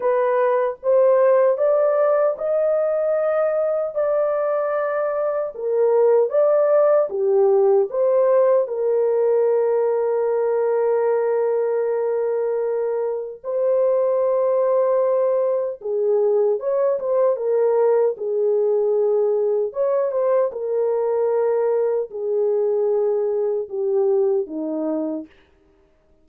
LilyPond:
\new Staff \with { instrumentName = "horn" } { \time 4/4 \tempo 4 = 76 b'4 c''4 d''4 dis''4~ | dis''4 d''2 ais'4 | d''4 g'4 c''4 ais'4~ | ais'1~ |
ais'4 c''2. | gis'4 cis''8 c''8 ais'4 gis'4~ | gis'4 cis''8 c''8 ais'2 | gis'2 g'4 dis'4 | }